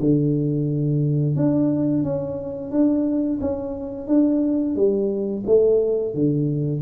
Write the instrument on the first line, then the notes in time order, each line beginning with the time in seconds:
tuba
0.00 D3
1.36 D4
2.04 C#4
2.71 D4
3.41 C#4
4.08 D4
4.76 G3
5.46 A3
6.15 D3